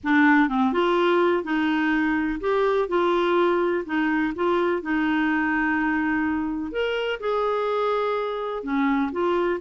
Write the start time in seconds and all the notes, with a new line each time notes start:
0.03 D4
0.48 C4
0.72 F4
1.43 D#4
2.40 G4
2.88 F4
3.85 D#4
4.35 F4
4.82 D#4
6.71 A#4
7.20 G#4
8.63 C#4
9.12 F4